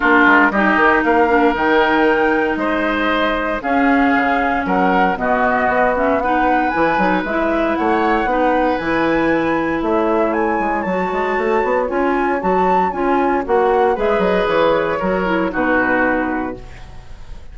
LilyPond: <<
  \new Staff \with { instrumentName = "flute" } { \time 4/4 \tempo 4 = 116 ais'4 dis''4 f''4 g''4~ | g''4 dis''2 f''4~ | f''4 fis''4 dis''4. e''8 | fis''4 gis''4 e''4 fis''4~ |
fis''4 gis''2 e''4 | gis''4 a''2 gis''4 | a''4 gis''4 fis''4 e''8 dis''8 | cis''2 b'2 | }
  \new Staff \with { instrumentName = "oboe" } { \time 4/4 f'4 g'4 ais'2~ | ais'4 c''2 gis'4~ | gis'4 ais'4 fis'2 | b'2. cis''4 |
b'2. cis''4~ | cis''1~ | cis''2. b'4~ | b'4 ais'4 fis'2 | }
  \new Staff \with { instrumentName = "clarinet" } { \time 4/4 d'4 dis'4. d'8 dis'4~ | dis'2. cis'4~ | cis'2 b4. cis'8 | dis'4 e'8 dis'8 e'2 |
dis'4 e'2.~ | e'4 fis'2 f'4 | fis'4 f'4 fis'4 gis'4~ | gis'4 fis'8 e'8 dis'2 | }
  \new Staff \with { instrumentName = "bassoon" } { \time 4/4 ais8 gis8 g8 dis8 ais4 dis4~ | dis4 gis2 cis'4 | cis4 fis4 b,4 b4~ | b4 e8 fis8 gis4 a4 |
b4 e2 a4~ | a8 gis8 fis8 gis8 a8 b8 cis'4 | fis4 cis'4 ais4 gis8 fis8 | e4 fis4 b,2 | }
>>